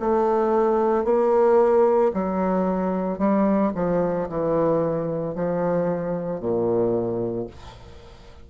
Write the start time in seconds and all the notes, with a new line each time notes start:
0.00 A3
1.05 A#3
2.13 F#3
3.19 G3
3.75 F3
4.29 E3
5.35 F3
6.40 A#2